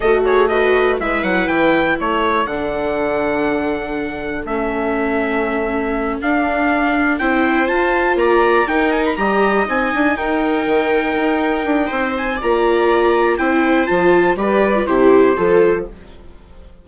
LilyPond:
<<
  \new Staff \with { instrumentName = "trumpet" } { \time 4/4 \tempo 4 = 121 dis''8 cis''8 dis''4 e''8 fis''8 g''4 | cis''4 fis''2.~ | fis''4 e''2.~ | e''8 f''2 g''4 a''8~ |
a''8 ais''4 g''8 gis''16 b''16 ais''4 gis''8~ | gis''8 g''2.~ g''8~ | g''8 gis''8 ais''2 g''4 | a''4 d''4 c''2 | }
  \new Staff \with { instrumentName = "viola" } { \time 4/4 a'8 gis'8 fis'4 b'2 | a'1~ | a'1~ | a'2~ a'8 c''4.~ |
c''8 d''4 ais'4 dis''4.~ | dis''8 ais'2.~ ais'8 | c''4 d''2 c''4~ | c''4 b'4 g'4 a'4 | }
  \new Staff \with { instrumentName = "viola" } { \time 4/4 fis'4 b'4 e'2~ | e'4 d'2.~ | d'4 cis'2.~ | cis'8 d'2 e'4 f'8~ |
f'4. dis'4 g'4 dis'8~ | dis'1~ | dis'4 f'2 e'4 | f'4 g'8. f'16 e'4 f'4 | }
  \new Staff \with { instrumentName = "bassoon" } { \time 4/4 a2 gis8 fis8 e4 | a4 d2.~ | d4 a2.~ | a8 d'2 c'4 f'8~ |
f'8 ais4 dis'4 g4 c'8 | d'8 dis'4 dis4 dis'4 d'8 | c'4 ais2 c'4 | f4 g4 c4 f4 | }
>>